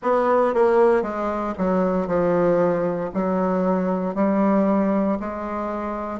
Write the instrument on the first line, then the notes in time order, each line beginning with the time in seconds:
bassoon
0.02 B3
0.54 A#3
1.02 G#3
1.58 F#3
2.07 F3
3.14 F#3
4.14 G3
5.20 G#3